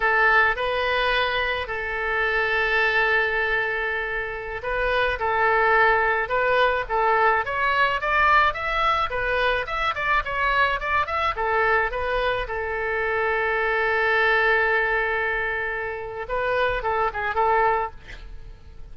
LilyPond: \new Staff \with { instrumentName = "oboe" } { \time 4/4 \tempo 4 = 107 a'4 b'2 a'4~ | a'1~ | a'16 b'4 a'2 b'8.~ | b'16 a'4 cis''4 d''4 e''8.~ |
e''16 b'4 e''8 d''8 cis''4 d''8 e''16~ | e''16 a'4 b'4 a'4.~ a'16~ | a'1~ | a'4 b'4 a'8 gis'8 a'4 | }